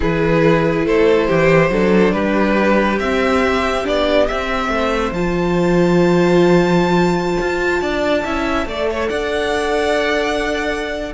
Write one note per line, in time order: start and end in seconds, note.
0.00 0.85 E3
0.00 1.71 E4
0.00 0.85 G#4
0.00 0.86 B4
0.85 1.28 A3
0.85 1.27 A4
0.85 2.12 C5
1.27 1.70 E3
1.27 1.70 G4
1.70 2.13 F#3
1.70 3.00 D4
1.70 2.14 A4
2.12 2.98 G3
2.12 4.71 G4
2.12 2.98 B4
2.98 3.84 C4
2.98 3.85 E5
3.84 4.28 B3
3.84 4.27 D4
3.84 4.27 D5
4.27 4.68 C4
4.27 5.14 C4
4.27 5.13 E5
4.68 5.11 A3
4.74 7.81 C5
5.11 7.36 F3
5.11 8.24 F4
5.11 9.08 A5
7.40 7.81 F4
7.81 8.24 D4
7.81 8.24 D5
8.24 8.65 C#4
8.24 8.67 E4
8.24 8.67 E5
8.65 9.08 A3
8.65 11.14 A4
8.65 8.90 D5
8.90 9.09 C#5
9.08 11.14 D4
9.08 11.12 D5
9.08 11.12 F#5